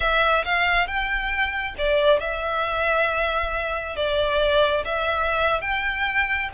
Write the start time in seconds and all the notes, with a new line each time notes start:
0.00 E5
0.44 F5
0.87 G5
1.77 D5
2.20 E5
3.95 D5
4.84 E5
5.61 G5